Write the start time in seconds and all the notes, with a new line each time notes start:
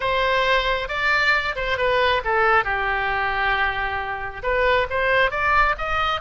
0.00 C5
0.88 D5
1.55 C5
1.77 B4
2.24 A4
2.64 G4
4.42 B4
4.90 C5
5.30 D5
5.78 D#5